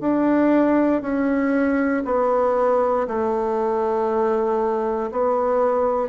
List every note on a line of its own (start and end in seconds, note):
0.00 1.02 D4
1.02 2.03 C#4
2.05 3.07 B3
3.07 5.11 A3
5.11 6.09 B3